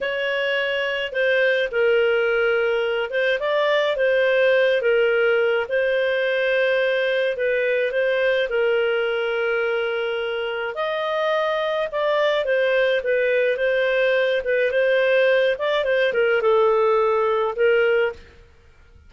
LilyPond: \new Staff \with { instrumentName = "clarinet" } { \time 4/4 \tempo 4 = 106 cis''2 c''4 ais'4~ | ais'4. c''8 d''4 c''4~ | c''8 ais'4. c''2~ | c''4 b'4 c''4 ais'4~ |
ais'2. dis''4~ | dis''4 d''4 c''4 b'4 | c''4. b'8 c''4. d''8 | c''8 ais'8 a'2 ais'4 | }